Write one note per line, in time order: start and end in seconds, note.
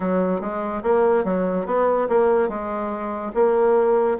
0.00 0.40 F#3
0.41 0.82 G#3
0.82 1.24 A#3
1.24 1.66 F#3
1.66 2.08 B3
2.08 2.48 A#3
2.48 3.31 G#3
3.34 4.17 A#3